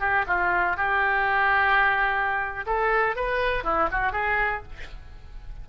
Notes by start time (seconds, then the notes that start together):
0.00 G4
0.28 F4
0.77 G4
2.67 A4
3.16 B4
3.64 E4
3.92 F#4
4.13 G#4